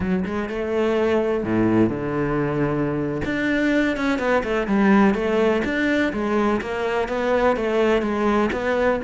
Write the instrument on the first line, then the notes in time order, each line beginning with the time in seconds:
cello
0.00 F#3
0.25 G#3
0.49 A3
1.44 A2
1.89 D3
3.24 D4
3.96 C#4
4.18 B3
4.43 A3
4.67 G3
5.14 A3
5.64 D4
6.12 G#3
6.61 A#3
7.08 B3
7.56 A3
8.02 G#3
8.52 B3